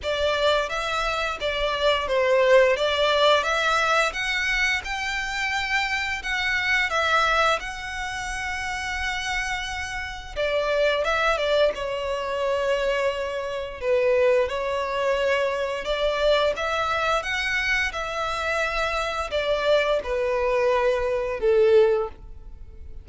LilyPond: \new Staff \with { instrumentName = "violin" } { \time 4/4 \tempo 4 = 87 d''4 e''4 d''4 c''4 | d''4 e''4 fis''4 g''4~ | g''4 fis''4 e''4 fis''4~ | fis''2. d''4 |
e''8 d''8 cis''2. | b'4 cis''2 d''4 | e''4 fis''4 e''2 | d''4 b'2 a'4 | }